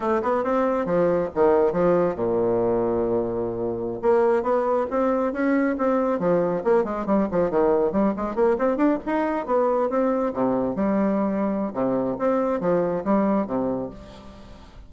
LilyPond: \new Staff \with { instrumentName = "bassoon" } { \time 4/4 \tempo 4 = 138 a8 b8 c'4 f4 dis4 | f4 ais,2.~ | ais,4~ ais,16 ais4 b4 c'8.~ | c'16 cis'4 c'4 f4 ais8 gis16~ |
gis16 g8 f8 dis4 g8 gis8 ais8 c'16~ | c'16 d'8 dis'4 b4 c'4 c16~ | c8. g2~ g16 c4 | c'4 f4 g4 c4 | }